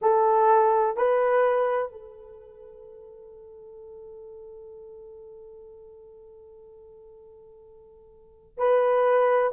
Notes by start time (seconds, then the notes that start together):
0.01 A4
0.97 B4
1.91 A4
8.57 B4